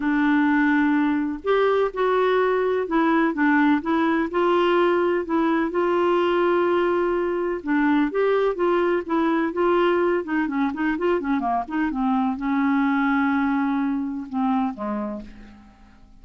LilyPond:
\new Staff \with { instrumentName = "clarinet" } { \time 4/4 \tempo 4 = 126 d'2. g'4 | fis'2 e'4 d'4 | e'4 f'2 e'4 | f'1 |
d'4 g'4 f'4 e'4 | f'4. dis'8 cis'8 dis'8 f'8 cis'8 | ais8 dis'8 c'4 cis'2~ | cis'2 c'4 gis4 | }